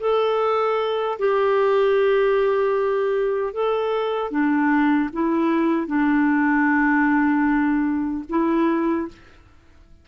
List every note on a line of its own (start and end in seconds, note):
0.00 1.18 A4
1.19 3.53 G4
3.53 4.31 A4
4.31 5.10 D4
5.13 5.87 E4
5.87 8.24 D4
8.29 9.08 E4